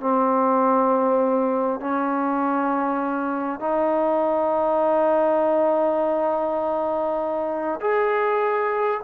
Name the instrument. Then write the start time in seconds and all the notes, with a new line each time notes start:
trombone
0.00 C4
1.80 C#4
3.59 D#4
7.80 G#4